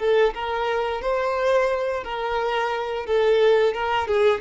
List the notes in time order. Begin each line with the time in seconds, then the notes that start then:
0.00 A4
0.34 A#4
1.02 C5
2.04 A#4
3.07 A4
3.74 A#4
4.08 G#4